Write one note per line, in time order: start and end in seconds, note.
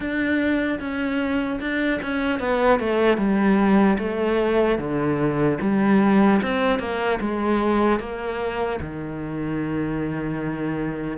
0.00 0.79 D4
0.79 1.59 C#4
1.60 2.00 D4
2.01 2.39 C#4
2.39 2.79 B3
2.79 3.17 A3
3.17 3.97 G3
3.98 4.78 A3
4.78 5.58 D3
5.60 6.40 G3
6.41 6.79 C4
6.79 7.19 A#3
7.20 7.99 G#3
7.99 8.79 A#3
8.80 11.17 D#3